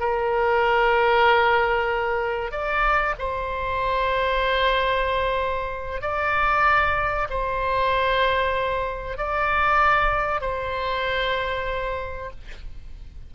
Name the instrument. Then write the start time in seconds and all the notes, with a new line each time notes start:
oboe
0.00 A#4
2.51 D5
3.19 C5
6.02 D5
7.30 C5
9.18 D5
10.41 C5